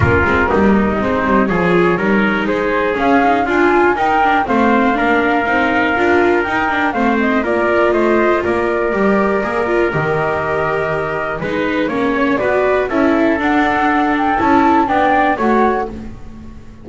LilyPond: <<
  \new Staff \with { instrumentName = "flute" } { \time 4/4 \tempo 4 = 121 ais'2 c''4 cis''4~ | cis''4 c''4 f''4 gis''4 | g''4 f''2.~ | f''4 g''4 f''8 dis''8 d''4 |
dis''4 d''2. | dis''2. b'4 | cis''4 d''4 e''4 fis''4~ | fis''8 g''8 a''4 g''4 fis''4 | }
  \new Staff \with { instrumentName = "trumpet" } { \time 4/4 f'4 dis'2 gis'4 | ais'4 gis'2 f'4 | ais'4 c''4 ais'2~ | ais'2 c''4 ais'4 |
c''4 ais'2.~ | ais'2. b'4 | cis''4 b'4 a'2~ | a'2 d''4 cis''4 | }
  \new Staff \with { instrumentName = "viola" } { \time 4/4 cis'8 c'8 ais4 c'4 f'4 | dis'2 cis'8 dis'8 f'4 | dis'8 d'8 c'4 d'4 dis'4 | f'4 dis'8 d'8 c'4 f'4~ |
f'2 g'4 gis'8 f'8 | g'2. dis'4 | cis'4 fis'4 e'4 d'4~ | d'4 e'4 d'4 fis'4 | }
  \new Staff \with { instrumentName = "double bass" } { \time 4/4 ais8 gis8 g4 gis8 g8 f4 | g4 gis4 cis'4 d'4 | dis'4 a4 ais4 c'4 | d'4 dis'4 a4 ais4 |
a4 ais4 g4 ais4 | dis2. gis4 | ais4 b4 cis'4 d'4~ | d'4 cis'4 b4 a4 | }
>>